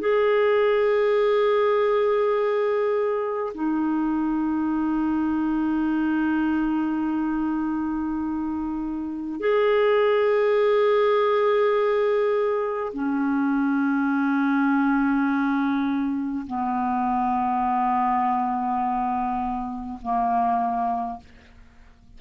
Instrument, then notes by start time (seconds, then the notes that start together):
clarinet
0.00 G#4
3.54 D#4
9.40 G#4
12.93 C#4
16.47 B3
20.02 A#3